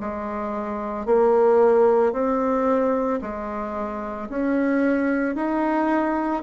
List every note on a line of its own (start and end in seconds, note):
0.00 1.06 G#3
1.06 2.12 A#3
2.12 3.19 C4
3.21 4.28 G#3
4.29 5.35 C#4
5.35 6.42 D#4